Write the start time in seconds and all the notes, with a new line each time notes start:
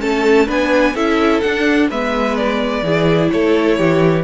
0.00 A3 C#4 A4 A5
0.47 B3 D4 B4 G#5
0.95 C#4 E4 A4 E5
1.41 D4 F#5
1.90 G#3 B3 B4 E5
2.37 D5
2.83 E3 E4 G#4
3.31 A3 A4 C#5
3.78 E3 G4